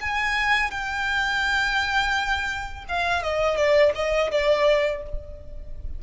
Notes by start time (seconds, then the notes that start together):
0.00 G#5
0.70 G5
2.88 F5
3.22 D#5
3.56 D5
3.94 D#5
4.31 D5